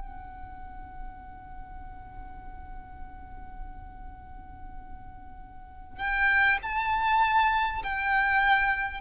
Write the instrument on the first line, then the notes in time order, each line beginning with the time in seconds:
violin
0.00 F#5
5.98 G5
6.62 A5
7.83 G5